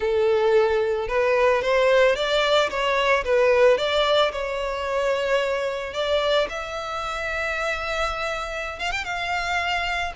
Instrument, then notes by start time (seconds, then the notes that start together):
violin
0.00 A4
1.08 B4
1.61 C5
2.15 D5
2.70 C#5
3.24 B4
3.77 D5
4.31 C#5
5.93 D5
6.49 E5
8.79 F5
8.91 G5
9.04 F5